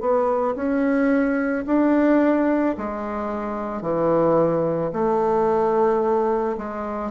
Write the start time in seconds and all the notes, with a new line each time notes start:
0.00 B3
0.56 C#4
1.66 D4
2.77 G#3
3.81 E3
4.92 A3
6.57 G#3